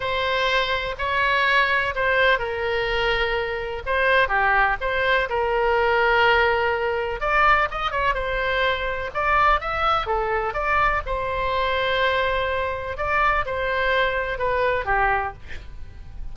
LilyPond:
\new Staff \with { instrumentName = "oboe" } { \time 4/4 \tempo 4 = 125 c''2 cis''2 | c''4 ais'2. | c''4 g'4 c''4 ais'4~ | ais'2. d''4 |
dis''8 cis''8 c''2 d''4 | e''4 a'4 d''4 c''4~ | c''2. d''4 | c''2 b'4 g'4 | }